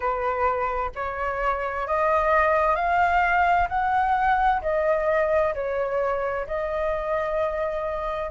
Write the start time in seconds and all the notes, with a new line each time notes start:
0.00 B4
0.95 C#5
1.87 D#5
2.75 F5
3.68 F#5
4.61 D#5
5.54 C#5
6.46 D#5